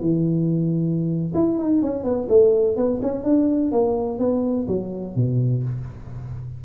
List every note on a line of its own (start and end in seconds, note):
0.00 1.32 E3
1.34 1.58 E4
1.58 1.82 D#4
1.82 2.03 C#4
2.03 2.27 B3
2.28 2.76 A3
2.76 3.00 B3
3.01 3.23 C#4
3.23 3.71 D4
3.71 4.19 A#3
4.19 4.67 B3
4.67 5.15 F#3
5.15 5.63 B2